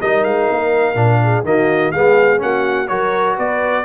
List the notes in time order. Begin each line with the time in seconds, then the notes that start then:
0.00 G3 D#4 A#4 D#5
0.24 G#3 F5
0.51 A#3
0.95 A#2 D4
1.23 G#4
1.44 D#3 A#3 F#4 D#5
1.92 G#3 B3 G#4 F5
2.38 A#3 C#4 F#4 F#5
2.88 F#3 F#4 A#4 C#5
3.36 B3 B4 D5